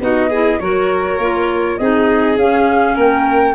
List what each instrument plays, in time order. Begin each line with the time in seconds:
0.00 tuba B3, clarinet D#4, violin F#4, flute D#5
0.29 clarinet E4, violin G#4
0.59 tuba F#3, clarinet F#4, violin A#4, flute C#5
1.18 tuba A#3, clarinet F4
1.77 tuba C4, clarinet D#4, violin G#4, flute D#5
2.36 tuba C#4, clarinet C#4, flute F5
2.95 tuba A#3, violin A#4, flute G5